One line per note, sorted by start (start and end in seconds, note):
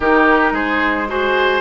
0.00 0.51 D#3
0.00 1.07 D#4
0.00 0.53 G4
0.00 0.55 A#4
0.51 1.60 G#3
0.51 1.07 G#4
0.51 1.09 C5
1.07 1.61 F#4
1.07 1.61 G#4
1.07 1.61 C5